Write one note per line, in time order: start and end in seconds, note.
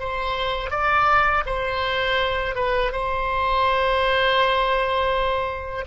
0.00 0.71 C5
0.71 1.44 D5
1.46 2.56 C5
2.56 2.92 B4
2.93 5.85 C5